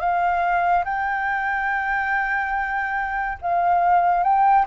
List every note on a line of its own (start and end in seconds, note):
0.00 0.85 F5
0.85 3.38 G5
3.41 4.24 F5
4.24 4.66 G5